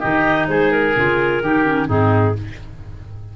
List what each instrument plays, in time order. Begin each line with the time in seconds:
0.00 tuba D#3, clarinet D#4 D#5, oboe G4
0.48 tuba G#3, oboe G#4, clarinet C5
0.72 clarinet A#4
0.96 tuba C#3, clarinet F4
1.42 tuba D#3, clarinet D#4, oboe G4
1.65 clarinet C#4
1.87 tuba G#2, clarinet C4 G#4, oboe D#4